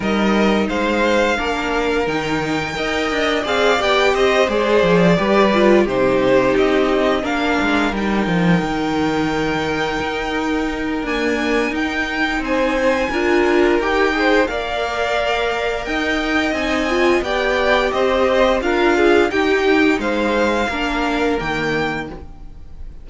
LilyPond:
<<
  \new Staff \with { instrumentName = "violin" } { \time 4/4 \tempo 4 = 87 dis''4 f''2 g''4~ | g''4 f''8 g''8 dis''8 d''4.~ | d''8 c''4 dis''4 f''4 g''8~ | g''1 |
gis''4 g''4 gis''2 | g''4 f''2 g''4 | gis''4 g''4 dis''4 f''4 | g''4 f''2 g''4 | }
  \new Staff \with { instrumentName = "violin" } { \time 4/4 ais'4 c''4 ais'2 | dis''4 d''4 c''4. b'8~ | b'8 g'2 ais'4.~ | ais'1~ |
ais'2 c''4 ais'4~ | ais'8 c''8 d''2 dis''4~ | dis''4 d''4 c''4 ais'8 gis'8 | g'4 c''4 ais'2 | }
  \new Staff \with { instrumentName = "viola" } { \time 4/4 dis'2 d'4 dis'4 | ais'4 gis'8 g'4 gis'4 g'8 | f'8 dis'2 d'4 dis'8~ | dis'1 |
ais4 dis'2 f'4 | g'8 gis'8 ais'2. | dis'8 f'8 g'2 f'4 | dis'2 d'4 ais4 | }
  \new Staff \with { instrumentName = "cello" } { \time 4/4 g4 gis4 ais4 dis4 | dis'8 d'8 c'8 b8 c'8 gis8 f8 g8~ | g8 c4 c'4 ais8 gis8 g8 | f8 dis2 dis'4. |
d'4 dis'4 c'4 d'4 | dis'4 ais2 dis'4 | c'4 b4 c'4 d'4 | dis'4 gis4 ais4 dis4 | }
>>